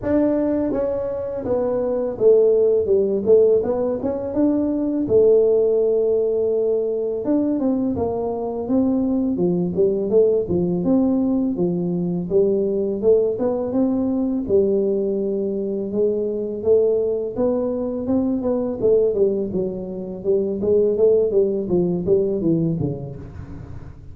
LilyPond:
\new Staff \with { instrumentName = "tuba" } { \time 4/4 \tempo 4 = 83 d'4 cis'4 b4 a4 | g8 a8 b8 cis'8 d'4 a4~ | a2 d'8 c'8 ais4 | c'4 f8 g8 a8 f8 c'4 |
f4 g4 a8 b8 c'4 | g2 gis4 a4 | b4 c'8 b8 a8 g8 fis4 | g8 gis8 a8 g8 f8 g8 e8 cis8 | }